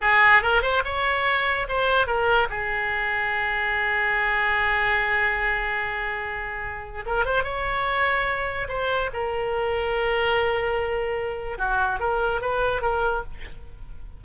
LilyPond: \new Staff \with { instrumentName = "oboe" } { \time 4/4 \tempo 4 = 145 gis'4 ais'8 c''8 cis''2 | c''4 ais'4 gis'2~ | gis'1~ | gis'1~ |
gis'4 ais'8 c''8 cis''2~ | cis''4 c''4 ais'2~ | ais'1 | fis'4 ais'4 b'4 ais'4 | }